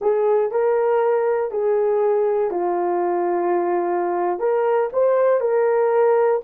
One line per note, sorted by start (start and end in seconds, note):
0.01 0.51 G#4
0.51 1.51 A#4
1.51 2.50 G#4
2.50 4.39 F4
4.39 4.89 A#4
4.92 5.40 C5
5.40 6.41 A#4